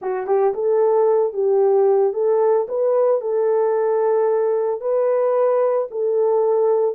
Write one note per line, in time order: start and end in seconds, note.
0.01 0.26 F#4
0.26 0.53 G4
0.54 1.33 A4
1.33 2.13 G4
2.13 2.66 A4
2.68 3.21 B4
3.21 4.80 A4
4.80 5.87 B4
5.91 6.95 A4